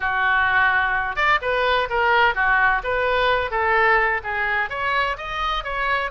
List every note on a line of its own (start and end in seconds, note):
0.00 1.15 F#4
1.15 1.39 D5
1.41 1.88 B4
1.89 2.35 A#4
2.35 2.81 F#4
2.83 3.50 B4
3.50 4.21 A4
4.23 4.69 G#4
4.69 5.16 C#5
5.17 5.64 D#5
5.64 6.10 C#5